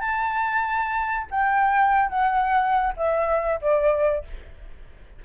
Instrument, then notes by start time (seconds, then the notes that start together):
flute
0.00 A5
1.31 G5
2.09 F#5
2.97 E5
3.61 D5